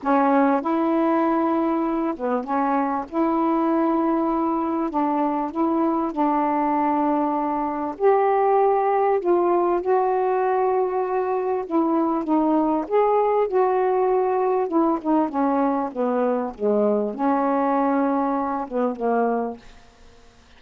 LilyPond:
\new Staff \with { instrumentName = "saxophone" } { \time 4/4 \tempo 4 = 98 cis'4 e'2~ e'8 b8 | cis'4 e'2. | d'4 e'4 d'2~ | d'4 g'2 f'4 |
fis'2. e'4 | dis'4 gis'4 fis'2 | e'8 dis'8 cis'4 b4 gis4 | cis'2~ cis'8 b8 ais4 | }